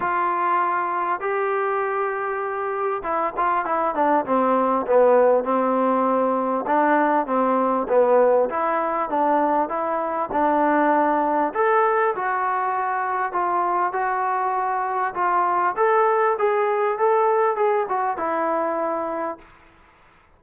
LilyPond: \new Staff \with { instrumentName = "trombone" } { \time 4/4 \tempo 4 = 99 f'2 g'2~ | g'4 e'8 f'8 e'8 d'8 c'4 | b4 c'2 d'4 | c'4 b4 e'4 d'4 |
e'4 d'2 a'4 | fis'2 f'4 fis'4~ | fis'4 f'4 a'4 gis'4 | a'4 gis'8 fis'8 e'2 | }